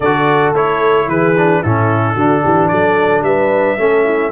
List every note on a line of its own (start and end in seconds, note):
0.00 0.52 D3
0.00 0.54 F#4
0.00 1.08 A4
0.00 0.54 D5
0.52 1.06 A3
0.52 1.35 E4
0.52 1.09 C#5
1.07 1.61 E3
1.07 1.61 G#4
1.07 1.62 B4
1.37 1.64 D4
1.61 2.15 A2
1.61 2.17 C#4
1.61 2.14 E4
1.61 2.68 A4
2.14 2.42 D3
2.14 3.78 D4
2.14 2.41 F#4
2.43 2.71 E3
2.43 2.70 G4
2.68 3.21 F#3
2.68 3.24 A4
2.68 3.22 D5
3.21 3.75 G3
3.21 3.79 B4
3.21 4.31 E5
3.78 4.31 A3
3.78 4.31 C#4
3.78 4.04 A4
4.04 4.31 E4